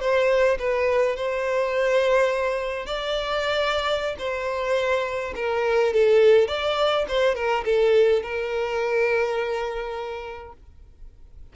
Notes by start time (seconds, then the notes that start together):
0.00 C5
0.59 B4
1.16 C5
2.86 D5
4.19 C5
5.35 A#4
5.93 A4
6.48 D5
7.08 C5
7.35 A#4
7.65 A4
8.22 A#4